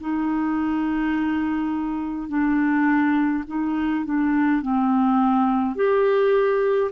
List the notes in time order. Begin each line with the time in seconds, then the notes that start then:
0.00 D#4
2.28 D4
3.47 D#4
4.05 D4
4.62 C4
5.75 G4